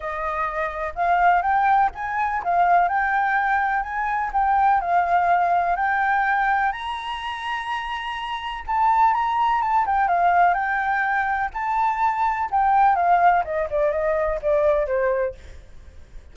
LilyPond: \new Staff \with { instrumentName = "flute" } { \time 4/4 \tempo 4 = 125 dis''2 f''4 g''4 | gis''4 f''4 g''2 | gis''4 g''4 f''2 | g''2 ais''2~ |
ais''2 a''4 ais''4 | a''8 g''8 f''4 g''2 | a''2 g''4 f''4 | dis''8 d''8 dis''4 d''4 c''4 | }